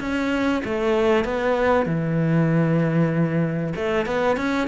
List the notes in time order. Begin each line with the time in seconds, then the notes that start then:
0.00 C#4
0.65 A3
1.25 B3
1.86 E3
3.76 A3
4.06 B3
4.37 C#4